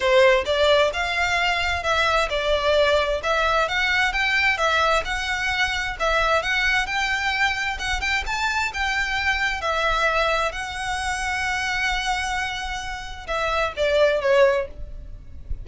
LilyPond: \new Staff \with { instrumentName = "violin" } { \time 4/4 \tempo 4 = 131 c''4 d''4 f''2 | e''4 d''2 e''4 | fis''4 g''4 e''4 fis''4~ | fis''4 e''4 fis''4 g''4~ |
g''4 fis''8 g''8 a''4 g''4~ | g''4 e''2 fis''4~ | fis''1~ | fis''4 e''4 d''4 cis''4 | }